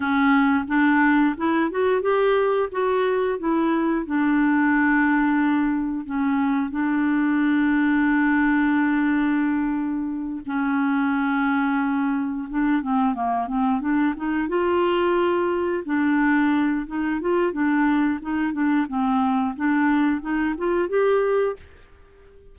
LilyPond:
\new Staff \with { instrumentName = "clarinet" } { \time 4/4 \tempo 4 = 89 cis'4 d'4 e'8 fis'8 g'4 | fis'4 e'4 d'2~ | d'4 cis'4 d'2~ | d'2.~ d'8 cis'8~ |
cis'2~ cis'8 d'8 c'8 ais8 | c'8 d'8 dis'8 f'2 d'8~ | d'4 dis'8 f'8 d'4 dis'8 d'8 | c'4 d'4 dis'8 f'8 g'4 | }